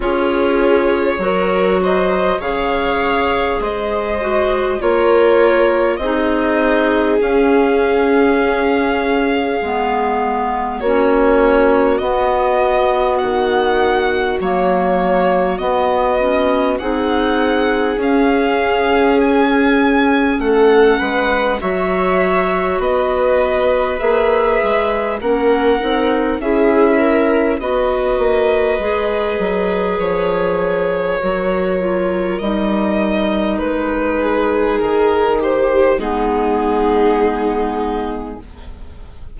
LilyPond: <<
  \new Staff \with { instrumentName = "violin" } { \time 4/4 \tempo 4 = 50 cis''4. dis''8 f''4 dis''4 | cis''4 dis''4 f''2~ | f''4 cis''4 dis''4 fis''4 | cis''4 dis''4 fis''4 f''4 |
gis''4 fis''4 e''4 dis''4 | e''4 fis''4 e''4 dis''4~ | dis''4 cis''2 dis''4 | b'4 ais'8 c''8 gis'2 | }
  \new Staff \with { instrumentName = "viola" } { \time 4/4 gis'4 ais'8 c''8 cis''4 c''4 | ais'4 gis'2.~ | gis'4 fis'2.~ | fis'2 gis'2~ |
gis'4 a'8 b'8 cis''4 b'4~ | b'4 ais'4 gis'8 ais'8 b'4~ | b'2 ais'2~ | ais'8 gis'4 g'8 dis'2 | }
  \new Staff \with { instrumentName = "clarinet" } { \time 4/4 f'4 fis'4 gis'4. fis'8 | f'4 dis'4 cis'2 | b4 cis'4 b2 | ais4 b8 cis'8 dis'4 cis'4~ |
cis'2 fis'2 | gis'4 cis'8 dis'8 e'4 fis'4 | gis'2 fis'8 f'8 dis'4~ | dis'2 b2 | }
  \new Staff \with { instrumentName = "bassoon" } { \time 4/4 cis'4 fis4 cis4 gis4 | ais4 c'4 cis'2 | gis4 ais4 b4 dis4 | fis4 b4 c'4 cis'4~ |
cis'4 a8 gis8 fis4 b4 | ais8 gis8 ais8 c'8 cis'4 b8 ais8 | gis8 fis8 f4 fis4 g4 | gis4 dis4 gis2 | }
>>